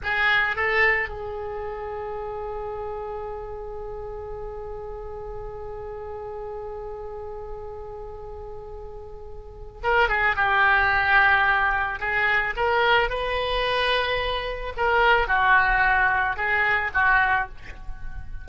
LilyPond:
\new Staff \with { instrumentName = "oboe" } { \time 4/4 \tempo 4 = 110 gis'4 a'4 gis'2~ | gis'1~ | gis'1~ | gis'1~ |
gis'2 ais'8 gis'8 g'4~ | g'2 gis'4 ais'4 | b'2. ais'4 | fis'2 gis'4 fis'4 | }